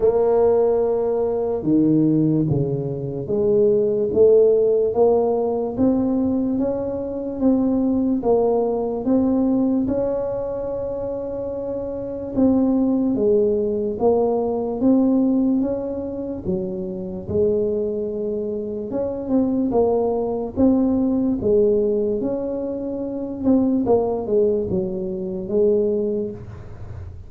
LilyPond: \new Staff \with { instrumentName = "tuba" } { \time 4/4 \tempo 4 = 73 ais2 dis4 cis4 | gis4 a4 ais4 c'4 | cis'4 c'4 ais4 c'4 | cis'2. c'4 |
gis4 ais4 c'4 cis'4 | fis4 gis2 cis'8 c'8 | ais4 c'4 gis4 cis'4~ | cis'8 c'8 ais8 gis8 fis4 gis4 | }